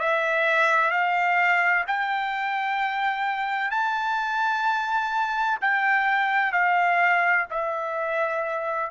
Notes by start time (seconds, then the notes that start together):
0.00 E5
0.91 F5
1.87 G5
3.71 A5
5.62 G5
6.53 F5
7.51 E5